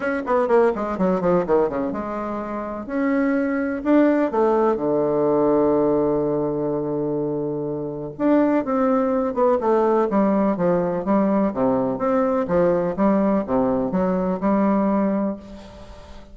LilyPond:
\new Staff \with { instrumentName = "bassoon" } { \time 4/4 \tempo 4 = 125 cis'8 b8 ais8 gis8 fis8 f8 dis8 cis8 | gis2 cis'2 | d'4 a4 d2~ | d1~ |
d4 d'4 c'4. b8 | a4 g4 f4 g4 | c4 c'4 f4 g4 | c4 fis4 g2 | }